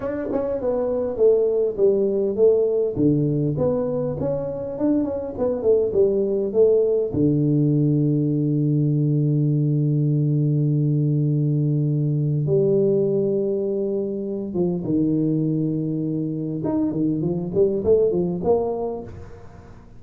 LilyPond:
\new Staff \with { instrumentName = "tuba" } { \time 4/4 \tempo 4 = 101 d'8 cis'8 b4 a4 g4 | a4 d4 b4 cis'4 | d'8 cis'8 b8 a8 g4 a4 | d1~ |
d1~ | d4 g2.~ | g8 f8 dis2. | dis'8 dis8 f8 g8 a8 f8 ais4 | }